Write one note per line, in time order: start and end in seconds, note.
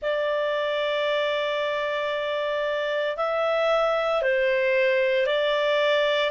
0.02 3.16 D5
3.16 4.22 E5
4.22 5.26 C5
5.26 6.30 D5